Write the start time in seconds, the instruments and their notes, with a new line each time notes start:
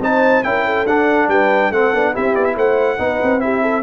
0.00 tuba C4, trombone D#4, horn C5, trumpet A5
0.44 tuba C#4, trombone E4, horn A#4, trumpet G5
0.66 horn A4
0.86 tuba D4, trombone D4, trumpet F#5
1.28 tuba G3, horn B4, trumpet G5
1.71 tuba A3, trombone C4, horn A4, trumpet F#5
1.93 tuba B3, trombone D4
2.13 tuba C4, trombone E4, horn G4, trumpet E5
2.35 tuba B3, trumpet D5
2.45 trumpet E5
2.56 tuba A3, horn C5, trumpet F#5
2.98 tuba B3, trombone D#4, horn B4
3.23 tuba C4
3.40 trombone E4, horn G4, trumpet E5
3.62 horn A4